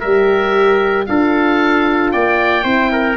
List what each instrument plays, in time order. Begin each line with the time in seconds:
0.00 tuba G3, horn G4, trumpet A#4, oboe E5
1.06 tuba D4, horn F4, trumpet A4, oboe F5
2.11 tuba A#3, trumpet D5, oboe G5
2.62 tuba C4, horn E4, trumpet C5
2.92 trumpet A#4